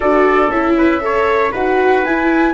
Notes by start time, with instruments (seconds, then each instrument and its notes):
0.00 tuba D4, viola F#4, trumpet A4, flute D5
0.49 tuba C#4, viola E4, flute E5
0.77 trumpet B4
1.00 viola A4, trumpet C#5
1.51 tuba D#4, viola F#4, trumpet B4, flute F#5
2.04 tuba E4, viola E4, flute G#5